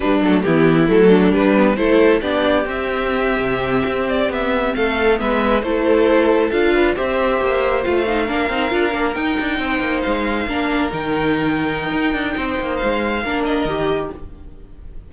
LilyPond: <<
  \new Staff \with { instrumentName = "violin" } { \time 4/4 \tempo 4 = 136 b'8 a'8 g'4 a'4 b'4 | c''4 d''4 e''2~ | e''4~ e''16 d''8 e''4 f''4 e''16~ | e''8. c''2 f''4 e''16~ |
e''4.~ e''16 f''2~ f''16~ | f''8. g''2 f''4~ f''16~ | f''8. g''2.~ g''16~ | g''4 f''4. dis''4. | }
  \new Staff \with { instrumentName = "violin" } { \time 4/4 d'4 e'4. d'4. | a'4 g'2.~ | g'2~ g'8. a'4 b'16~ | b'8. a'2~ a'8 b'8 c''16~ |
c''2~ c''8. ais'4~ ais'16~ | ais'4.~ ais'16 c''2 ais'16~ | ais'1 | c''2 ais'2 | }
  \new Staff \with { instrumentName = "viola" } { \time 4/4 g8 a8 b4 a4 g8 b8 | e'4 d'4 c'2~ | c'2.~ c'8. b16~ | b8. e'2 f'4 g'16~ |
g'4.~ g'16 f'8 dis'8 d'8 dis'8 f'16~ | f'16 d'8 dis'2. d'16~ | d'8. dis'2.~ dis'16~ | dis'2 d'4 g'4 | }
  \new Staff \with { instrumentName = "cello" } { \time 4/4 g8 fis8 e4 fis4 g4 | a4 b4 c'4.~ c'16 c16~ | c8. c'4 b4 a4 gis16~ | gis8. a2 d'4 c'16~ |
c'8. ais4 a4 ais8 c'8 d'16~ | d'16 ais8 dis'8 d'8 c'8 ais8 gis4 ais16~ | ais8. dis2~ dis16 dis'8 d'8 | c'8 ais8 gis4 ais4 dis4 | }
>>